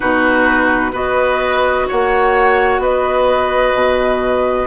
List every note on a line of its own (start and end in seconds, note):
0.00 0.93 B2
0.00 0.91 D#4
0.00 0.91 F#4
0.00 0.94 B4
0.92 1.87 B3
0.92 4.67 F#4
0.92 1.86 B4
0.92 1.88 D#5
1.88 2.78 A#3
1.88 2.81 C#5
1.88 2.82 F#5
2.78 3.72 B3
2.78 4.67 B4
2.78 4.67 D#5
3.73 4.67 B2